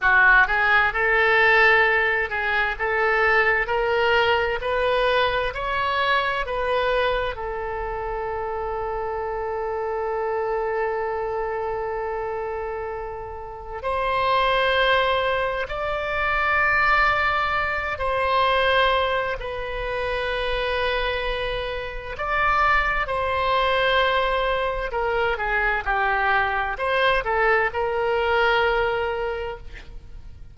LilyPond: \new Staff \with { instrumentName = "oboe" } { \time 4/4 \tempo 4 = 65 fis'8 gis'8 a'4. gis'8 a'4 | ais'4 b'4 cis''4 b'4 | a'1~ | a'2. c''4~ |
c''4 d''2~ d''8 c''8~ | c''4 b'2. | d''4 c''2 ais'8 gis'8 | g'4 c''8 a'8 ais'2 | }